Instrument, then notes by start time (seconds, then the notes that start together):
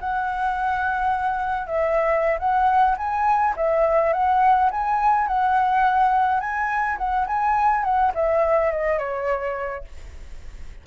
flute
0.00 F#5
1.67 E5
2.39 F#5
2.97 G#5
3.56 E5
4.13 F#5
4.71 G#5
5.28 F#5
6.40 G#5
6.98 F#5
7.27 G#5
7.84 F#5
8.15 E5
8.71 D#5
8.98 C#5